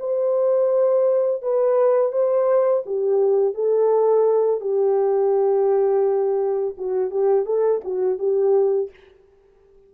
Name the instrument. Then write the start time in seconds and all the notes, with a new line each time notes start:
horn
0.00 C5
1.43 B4
2.13 C5
2.86 G4
3.55 A4
4.61 G4
6.78 F#4
7.11 G4
7.46 A4
7.84 F#4
8.19 G4